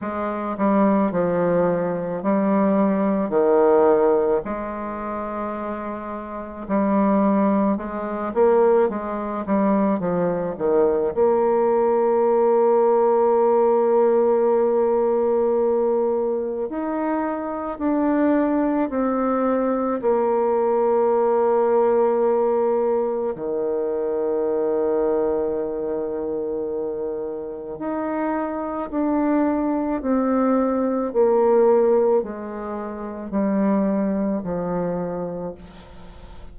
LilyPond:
\new Staff \with { instrumentName = "bassoon" } { \time 4/4 \tempo 4 = 54 gis8 g8 f4 g4 dis4 | gis2 g4 gis8 ais8 | gis8 g8 f8 dis8 ais2~ | ais2. dis'4 |
d'4 c'4 ais2~ | ais4 dis2.~ | dis4 dis'4 d'4 c'4 | ais4 gis4 g4 f4 | }